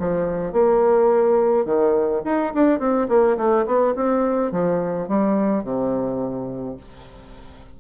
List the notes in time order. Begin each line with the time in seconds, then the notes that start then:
0.00 F3
0.53 A#3
1.66 D#3
2.25 D#4
2.54 D4
2.80 C4
3.09 A#3
3.38 A3
3.66 B3
3.96 C4
4.52 F3
5.08 G3
5.64 C3